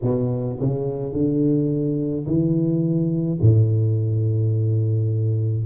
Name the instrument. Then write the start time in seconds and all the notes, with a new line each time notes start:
tuba
0.02 B2
0.60 C#3
1.12 D3
2.26 E3
3.41 A2